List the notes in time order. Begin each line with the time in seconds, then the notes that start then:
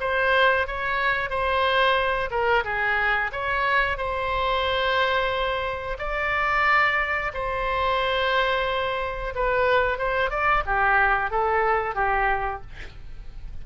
0.00 C5
0.67 C#5
1.29 C5
2.30 A#4
2.64 G#4
3.32 C#5
3.97 C5
5.98 D5
7.34 C5
9.35 B4
9.98 C5
10.30 D5
10.65 G4
11.30 A4
11.95 G4